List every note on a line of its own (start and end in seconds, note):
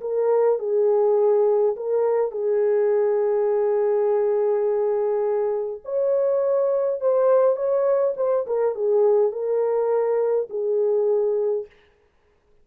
0.00 0.58 A#4
0.59 1.75 G#4
1.76 2.31 A#4
2.31 5.80 G#4
5.84 7.00 C#5
7.00 7.56 C5
7.56 8.14 C#5
8.16 8.45 C5
8.46 8.74 A#4
8.74 9.32 G#4
9.32 10.48 A#4
10.49 11.66 G#4